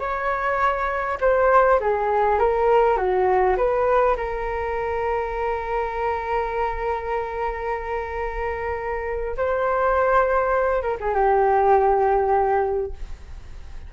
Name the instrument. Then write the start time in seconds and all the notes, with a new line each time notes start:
flute
0.00 C#5
1.21 C5
1.81 G#4
2.40 A#4
2.98 F#4
3.57 B4
4.17 A#4
9.38 C5
10.83 A#4
11.01 G#4
11.15 G4